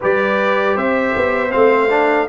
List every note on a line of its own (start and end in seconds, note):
0.00 0.76 G3
0.00 1.50 G4
0.00 0.75 B4
0.00 0.77 D5
0.75 1.14 C4
0.75 2.27 C5
0.75 1.51 E5
1.16 1.54 B3
1.50 2.28 A3
1.50 1.88 C4
1.50 2.27 F5
1.90 2.28 D4